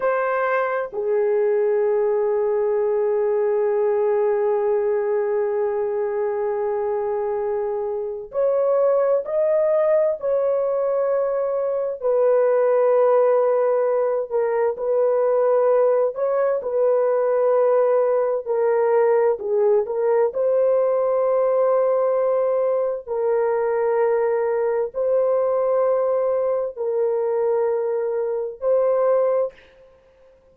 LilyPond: \new Staff \with { instrumentName = "horn" } { \time 4/4 \tempo 4 = 65 c''4 gis'2.~ | gis'1~ | gis'4 cis''4 dis''4 cis''4~ | cis''4 b'2~ b'8 ais'8 |
b'4. cis''8 b'2 | ais'4 gis'8 ais'8 c''2~ | c''4 ais'2 c''4~ | c''4 ais'2 c''4 | }